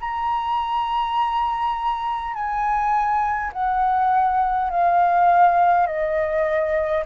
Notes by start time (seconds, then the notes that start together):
0.00 A#5
2.34 G#5
3.52 F#5
4.70 F5
5.87 D#5